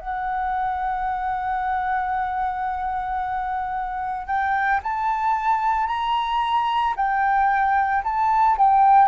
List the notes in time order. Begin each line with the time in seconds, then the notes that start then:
0.00 F#5
4.27 G5
4.83 A5
5.87 A#5
6.96 G5
8.04 A5
8.58 G5